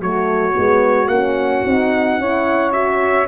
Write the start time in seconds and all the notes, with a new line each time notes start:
0.00 F#3 A3 F#4 C#5
0.53 G#3 B3
1.07 A#3 C#4 F#5
1.65 C4 D#4
2.18 C#4 E4 C#5
2.72 F#4 E5